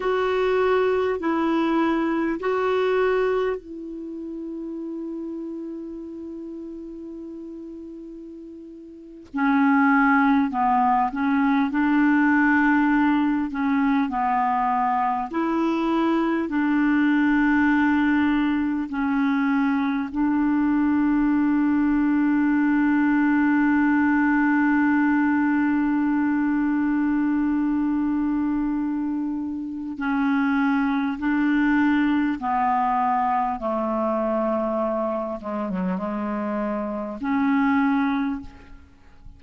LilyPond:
\new Staff \with { instrumentName = "clarinet" } { \time 4/4 \tempo 4 = 50 fis'4 e'4 fis'4 e'4~ | e'2.~ e'8. cis'16~ | cis'8. b8 cis'8 d'4. cis'8 b16~ | b8. e'4 d'2 cis'16~ |
cis'8. d'2.~ d'16~ | d'1~ | d'4 cis'4 d'4 b4 | a4. gis16 fis16 gis4 cis'4 | }